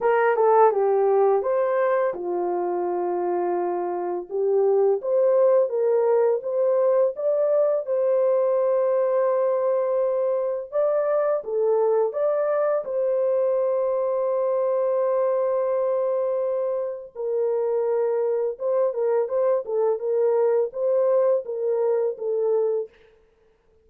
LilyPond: \new Staff \with { instrumentName = "horn" } { \time 4/4 \tempo 4 = 84 ais'8 a'8 g'4 c''4 f'4~ | f'2 g'4 c''4 | ais'4 c''4 d''4 c''4~ | c''2. d''4 |
a'4 d''4 c''2~ | c''1 | ais'2 c''8 ais'8 c''8 a'8 | ais'4 c''4 ais'4 a'4 | }